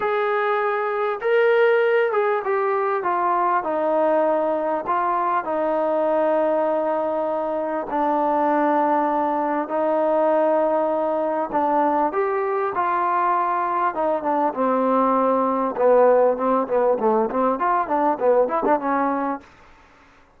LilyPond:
\new Staff \with { instrumentName = "trombone" } { \time 4/4 \tempo 4 = 99 gis'2 ais'4. gis'8 | g'4 f'4 dis'2 | f'4 dis'2.~ | dis'4 d'2. |
dis'2. d'4 | g'4 f'2 dis'8 d'8 | c'2 b4 c'8 b8 | a8 c'8 f'8 d'8 b8 e'16 d'16 cis'4 | }